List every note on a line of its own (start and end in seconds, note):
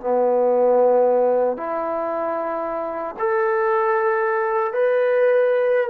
0.00 1.57 B3
1.57 3.15 E4
3.19 4.73 A4
4.73 5.89 B4